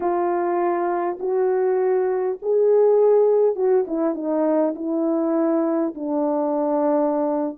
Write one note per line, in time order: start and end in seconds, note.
0.00 1.17 F4
1.19 2.38 F#4
2.42 3.55 G#4
3.55 3.85 F#4
3.87 4.14 E4
4.14 4.74 D#4
4.75 5.94 E4
5.95 7.57 D4